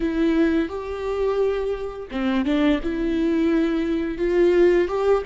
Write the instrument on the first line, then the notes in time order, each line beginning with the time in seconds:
viola
0.00 E4
0.68 G4
2.11 C4
2.45 D4
2.82 E4
4.18 F4
4.88 G4